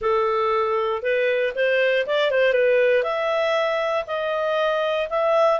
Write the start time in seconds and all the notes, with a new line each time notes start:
0.01 A4
1.02 B4
1.55 C5
2.06 D5
2.30 C5
2.53 B4
3.03 E5
4.06 D#5
5.09 E5